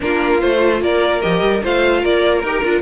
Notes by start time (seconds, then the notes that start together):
0.00 A#3 D4 F4 A#4
0.41 A3 F4 C5
0.81 A#3 A#4 D5
1.21 F3 G4 D#5
1.41 G3
1.62 A3 F4 C5 F5
2.00 A#3 A#4 D5
2.39 D#4 G4 A#4
2.64 D4 F4